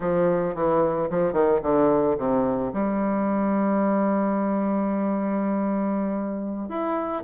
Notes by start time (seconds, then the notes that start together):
0.00 F3
0.55 E3
1.09 F3
1.32 D#3
1.62 D3
2.17 C3
2.73 G3
6.68 E4